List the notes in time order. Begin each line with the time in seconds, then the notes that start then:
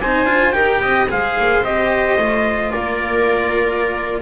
0.00 C4 D#4 C5 G#5
0.24 D4 F4
0.52 D#4 G4 A#4 G5
0.81 C4 D#5
1.09 G#3 G#4 C5 F5
1.39 A#3
1.64 C4 G4 D#5
2.17 A3 F4
2.71 A#3 A#4 D5